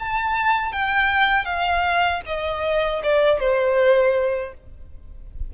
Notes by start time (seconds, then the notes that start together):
0.00 A5
0.73 G5
1.45 F5
2.26 D#5
3.03 D5
3.40 C5